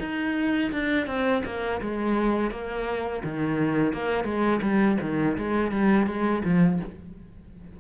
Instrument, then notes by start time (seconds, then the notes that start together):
cello
0.00 D#4
0.72 D4
1.07 C4
1.45 A#3
1.81 G#3
2.51 A#3
3.24 D#3
3.93 A#3
4.24 G#3
4.62 G3
5.01 D#3
5.37 G#3
5.71 G3
6.07 G#3
6.45 F3